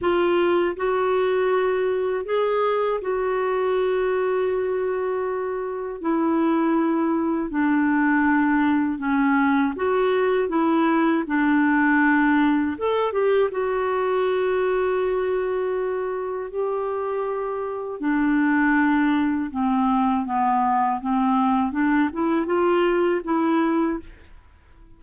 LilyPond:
\new Staff \with { instrumentName = "clarinet" } { \time 4/4 \tempo 4 = 80 f'4 fis'2 gis'4 | fis'1 | e'2 d'2 | cis'4 fis'4 e'4 d'4~ |
d'4 a'8 g'8 fis'2~ | fis'2 g'2 | d'2 c'4 b4 | c'4 d'8 e'8 f'4 e'4 | }